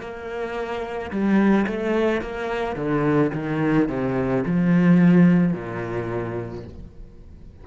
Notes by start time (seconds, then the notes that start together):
0.00 A#3
1.11 G3
1.67 A3
2.21 A#3
2.76 D3
3.33 D#3
3.88 C3
4.45 F3
5.53 A#2